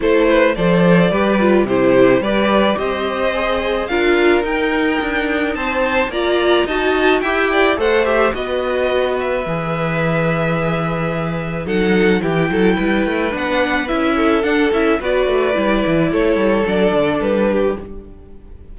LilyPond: <<
  \new Staff \with { instrumentName = "violin" } { \time 4/4 \tempo 4 = 108 c''4 d''2 c''4 | d''4 dis''2 f''4 | g''2 a''4 ais''4 | a''4 g''4 fis''8 e''8 dis''4~ |
dis''8 e''2.~ e''8~ | e''4 fis''4 g''2 | fis''4 e''4 fis''8 e''8 d''4~ | d''4 cis''4 d''4 b'4 | }
  \new Staff \with { instrumentName = "violin" } { \time 4/4 a'8 b'8 c''4 b'4 g'4 | b'4 c''2 ais'4~ | ais'2 c''4 d''4 | dis''4 e''8 d''8 c''4 b'4~ |
b'1~ | b'4 a'4 g'8 a'8 b'4~ | b'4. a'4. b'4~ | b'4 a'2~ a'8 g'8 | }
  \new Staff \with { instrumentName = "viola" } { \time 4/4 e'4 a'4 g'8 f'8 e'4 | g'2 gis'4 f'4 | dis'2. f'4 | fis'4 g'4 a'8 g'8 fis'4~ |
fis'4 gis'2.~ | gis'4 dis'4 e'2 | d'4 e'4 d'8 e'8 fis'4 | e'2 d'2 | }
  \new Staff \with { instrumentName = "cello" } { \time 4/4 a4 f4 g4 c4 | g4 c'2 d'4 | dis'4 d'4 c'4 ais4 | dis'4 e'4 a4 b4~ |
b4 e2.~ | e4 fis4 e8 fis8 g8 a8 | b4 cis'4 d'8 cis'8 b8 a8 | g8 e8 a8 g8 fis8 d8 g4 | }
>>